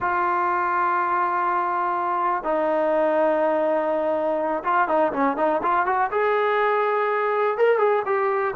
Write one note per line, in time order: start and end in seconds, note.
0.00 2.43 F4
2.43 4.63 D#4
4.64 4.88 F4
4.88 5.12 D#4
5.13 5.37 C#4
5.37 5.61 D#4
5.62 5.85 F4
5.85 6.10 F#4
6.11 7.57 G#4
7.57 7.78 A#4
7.78 8.02 G#4
8.05 8.54 G4